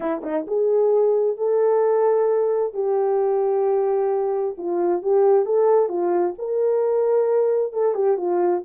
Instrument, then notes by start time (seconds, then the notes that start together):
horn
0.00 E4
0.23 D#4
0.47 G#4
1.37 A4
2.73 G4
4.57 F4
5.02 G4
5.45 A4
5.88 F4
6.38 A#4
7.72 A4
7.94 G4
8.17 F4